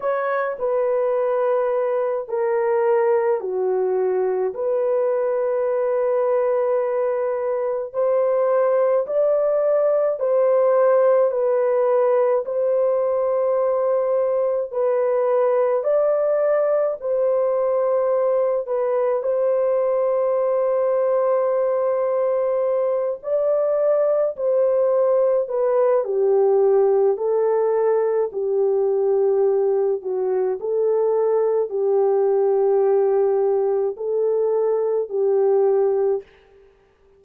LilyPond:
\new Staff \with { instrumentName = "horn" } { \time 4/4 \tempo 4 = 53 cis''8 b'4. ais'4 fis'4 | b'2. c''4 | d''4 c''4 b'4 c''4~ | c''4 b'4 d''4 c''4~ |
c''8 b'8 c''2.~ | c''8 d''4 c''4 b'8 g'4 | a'4 g'4. fis'8 a'4 | g'2 a'4 g'4 | }